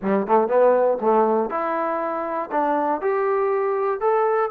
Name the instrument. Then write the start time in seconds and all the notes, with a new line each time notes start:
trombone
0.02 G3
0.26 A3
0.48 B3
1.00 A3
1.50 E4
2.51 D4
3.01 G4
4.00 A4